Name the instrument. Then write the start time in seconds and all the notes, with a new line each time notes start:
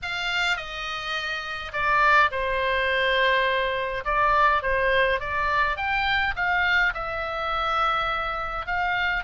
oboe
0.02 F5
0.56 D#5
1.72 D5
2.31 C5
4.04 D5
4.62 C5
5.19 D5
5.76 G5
6.36 F5
6.94 E5
8.66 F5